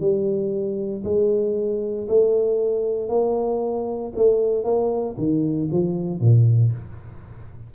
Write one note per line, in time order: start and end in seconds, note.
0.00 1.03 G3
1.04 2.08 G#3
2.09 3.09 A3
3.09 4.13 A#3
4.16 4.64 A3
4.64 5.16 A#3
5.18 5.69 D#3
5.72 6.21 F3
6.21 6.72 A#2